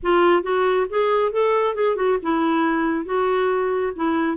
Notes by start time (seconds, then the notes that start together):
0.03 F4
0.42 F#4
0.89 G#4
1.32 A4
1.74 G#4
1.95 F#4
2.22 E4
3.05 F#4
3.95 E4